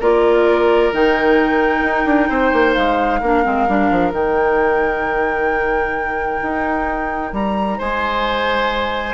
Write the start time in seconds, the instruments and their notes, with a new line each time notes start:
0.00 bassoon A#3, clarinet F4, oboe A#4, flute D5
0.92 bassoon D#3, clarinet D#4, flute G5
1.81 bassoon D#4
2.05 bassoon D4
2.29 bassoon C4, oboe C5
2.53 bassoon A#3
2.74 bassoon G#3, flute F5
3.20 bassoon A#3, clarinet D4, oboe A#4
3.44 bassoon G#3, clarinet C4
3.68 bassoon G3, clarinet D4
3.91 bassoon F3
4.12 bassoon D#3, clarinet D#4, flute G5
6.42 bassoon D#4
7.32 bassoon G3, flute A#5
7.78 bassoon G#3, oboe C5, flute G#5